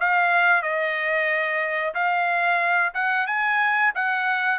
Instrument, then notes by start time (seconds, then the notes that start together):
trumpet
0.00 F5
0.62 D#5
1.94 F5
2.94 F#5
3.27 G#5
3.95 F#5